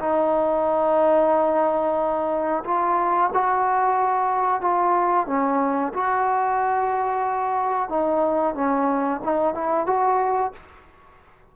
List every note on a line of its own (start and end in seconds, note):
0.00 2.64 D#4
2.65 3.31 F4
3.34 4.61 F#4
4.61 5.27 F4
5.27 5.93 C#4
5.94 7.89 F#4
7.89 8.55 D#4
8.55 9.21 C#4
9.24 9.55 D#4
9.55 9.86 E4
9.86 10.52 F#4